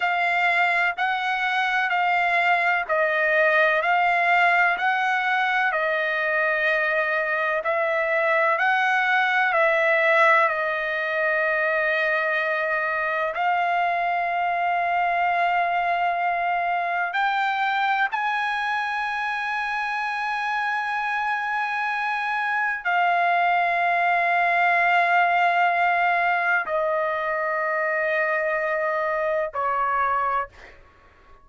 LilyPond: \new Staff \with { instrumentName = "trumpet" } { \time 4/4 \tempo 4 = 63 f''4 fis''4 f''4 dis''4 | f''4 fis''4 dis''2 | e''4 fis''4 e''4 dis''4~ | dis''2 f''2~ |
f''2 g''4 gis''4~ | gis''1 | f''1 | dis''2. cis''4 | }